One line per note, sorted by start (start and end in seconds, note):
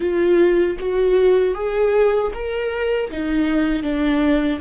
0.00 0.77 F4
0.79 1.54 F#4
1.54 2.31 G#4
2.33 3.10 A#4
3.10 3.83 D#4
3.83 4.59 D4